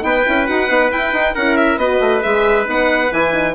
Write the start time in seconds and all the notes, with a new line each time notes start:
0.00 B3 D#4 B4 G5
0.26 C#4 E4
0.47 D#4 F#4 F#5
0.69 B3 D#4
0.92 E4 G5
1.13 D#4
1.35 C#4 E4 A#4 F#5
1.57 E5
1.77 B3 F#4 B4 D#5
2.01 A3
2.23 G#3 G#4 E5
2.65 B3 D#4 F#5
3.12 E3 E4 G#5
3.33 D#4